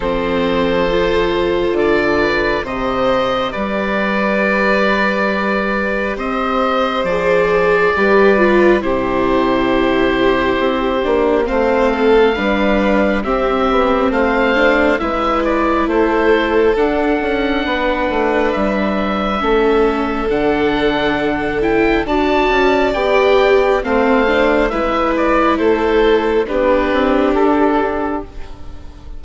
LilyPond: <<
  \new Staff \with { instrumentName = "oboe" } { \time 4/4 \tempo 4 = 68 c''2 d''4 dis''4 | d''2. dis''4 | d''2 c''2~ | c''4 f''2 e''4 |
f''4 e''8 d''8 c''4 fis''4~ | fis''4 e''2 fis''4~ | fis''8 g''8 a''4 g''4 f''4 | e''8 d''8 c''4 b'4 a'4 | }
  \new Staff \with { instrumentName = "violin" } { \time 4/4 a'2~ a'8 b'8 c''4 | b'2. c''4~ | c''4 b'4 g'2~ | g'4 c''8 a'8 b'4 g'4 |
c''4 b'4 a'2 | b'2 a'2~ | a'4 d''2 c''4 | b'4 a'4 g'2 | }
  \new Staff \with { instrumentName = "viola" } { \time 4/4 c'4 f'2 g'4~ | g'1 | gis'4 g'8 f'8 e'2~ | e'8 d'8 c'4 d'4 c'4~ |
c'8 d'8 e'2 d'4~ | d'2 cis'4 d'4~ | d'8 e'8 fis'4 g'4 c'8 d'8 | e'2 d'2 | }
  \new Staff \with { instrumentName = "bassoon" } { \time 4/4 f2 d4 c4 | g2. c'4 | f4 g4 c2 | c'8 ais8 a4 g4 c'8 b8 |
a4 gis4 a4 d'8 cis'8 | b8 a8 g4 a4 d4~ | d4 d'8 cis'8 b4 a4 | gis4 a4 b8 c'8 d'4 | }
>>